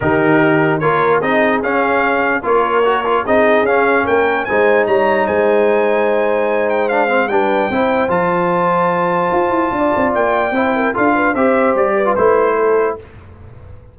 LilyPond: <<
  \new Staff \with { instrumentName = "trumpet" } { \time 4/4 \tempo 4 = 148 ais'2 cis''4 dis''4 | f''2 cis''2 | dis''4 f''4 g''4 gis''4 | ais''4 gis''2.~ |
gis''8 g''8 f''4 g''2 | a''1~ | a''4 g''2 f''4 | e''4 d''4 c''2 | }
  \new Staff \with { instrumentName = "horn" } { \time 4/4 g'2 ais'4 gis'4~ | gis'2 ais'2 | gis'2 ais'4 c''4 | cis''4 c''2.~ |
c''2 b'4 c''4~ | c''1 | d''2 c''8 ais'8 a'8 b'8 | c''4. b'4. a'4 | }
  \new Staff \with { instrumentName = "trombone" } { \time 4/4 dis'2 f'4 dis'4 | cis'2 f'4 fis'8 f'8 | dis'4 cis'2 dis'4~ | dis'1~ |
dis'4 d'8 c'8 d'4 e'4 | f'1~ | f'2 e'4 f'4 | g'4.~ g'16 f'16 e'2 | }
  \new Staff \with { instrumentName = "tuba" } { \time 4/4 dis2 ais4 c'4 | cis'2 ais2 | c'4 cis'4 ais4 gis4 | g4 gis2.~ |
gis2 g4 c'4 | f2. f'8 e'8 | d'8 c'8 ais4 c'4 d'4 | c'4 g4 a2 | }
>>